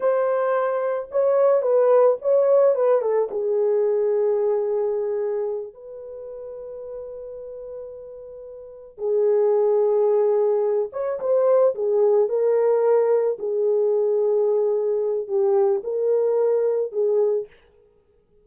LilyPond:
\new Staff \with { instrumentName = "horn" } { \time 4/4 \tempo 4 = 110 c''2 cis''4 b'4 | cis''4 b'8 a'8 gis'2~ | gis'2~ gis'8 b'4.~ | b'1~ |
b'8 gis'2.~ gis'8 | cis''8 c''4 gis'4 ais'4.~ | ais'8 gis'2.~ gis'8 | g'4 ais'2 gis'4 | }